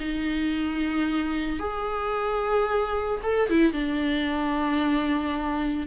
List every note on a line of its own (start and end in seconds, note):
0.00 1.60 D#4
1.60 3.21 G#4
3.23 3.50 A4
3.50 3.73 E4
3.73 5.87 D4